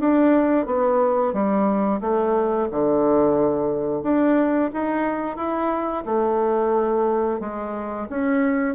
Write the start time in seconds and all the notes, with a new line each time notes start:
0.00 D4
0.66 B3
1.33 G3
2.01 A3
2.72 D3
4.03 D4
4.74 D#4
5.37 E4
6.06 A3
7.40 G#3
8.10 C#4